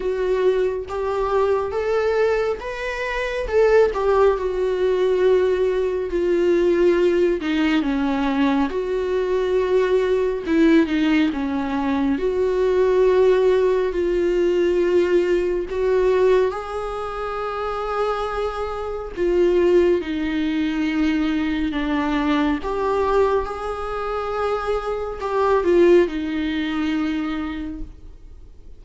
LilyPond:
\new Staff \with { instrumentName = "viola" } { \time 4/4 \tempo 4 = 69 fis'4 g'4 a'4 b'4 | a'8 g'8 fis'2 f'4~ | f'8 dis'8 cis'4 fis'2 | e'8 dis'8 cis'4 fis'2 |
f'2 fis'4 gis'4~ | gis'2 f'4 dis'4~ | dis'4 d'4 g'4 gis'4~ | gis'4 g'8 f'8 dis'2 | }